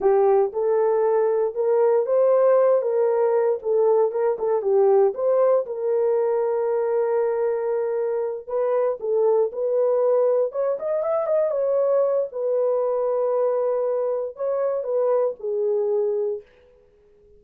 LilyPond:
\new Staff \with { instrumentName = "horn" } { \time 4/4 \tempo 4 = 117 g'4 a'2 ais'4 | c''4. ais'4. a'4 | ais'8 a'8 g'4 c''4 ais'4~ | ais'1~ |
ais'8 b'4 a'4 b'4.~ | b'8 cis''8 dis''8 e''8 dis''8 cis''4. | b'1 | cis''4 b'4 gis'2 | }